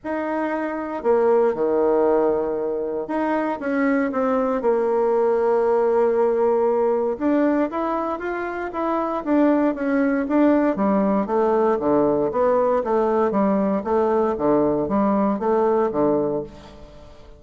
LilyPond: \new Staff \with { instrumentName = "bassoon" } { \time 4/4 \tempo 4 = 117 dis'2 ais4 dis4~ | dis2 dis'4 cis'4 | c'4 ais2.~ | ais2 d'4 e'4 |
f'4 e'4 d'4 cis'4 | d'4 g4 a4 d4 | b4 a4 g4 a4 | d4 g4 a4 d4 | }